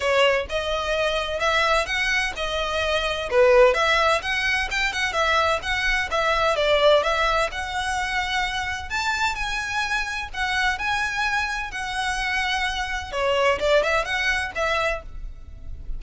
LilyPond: \new Staff \with { instrumentName = "violin" } { \time 4/4 \tempo 4 = 128 cis''4 dis''2 e''4 | fis''4 dis''2 b'4 | e''4 fis''4 g''8 fis''8 e''4 | fis''4 e''4 d''4 e''4 |
fis''2. a''4 | gis''2 fis''4 gis''4~ | gis''4 fis''2. | cis''4 d''8 e''8 fis''4 e''4 | }